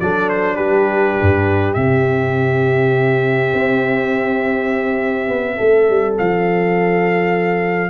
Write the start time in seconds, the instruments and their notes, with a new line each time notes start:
0.00 tuba F#3, trombone D4, horn A4, trumpet D5
0.29 trumpet C5
0.56 tuba G3, horn G4, trumpet B4
1.21 tuba G2
1.74 tuba C3, trombone C4, trumpet E5
3.53 tuba C4
5.28 tuba B3
5.56 tuba A3, horn A4
5.89 tuba G3
6.18 tuba F3, trumpet F5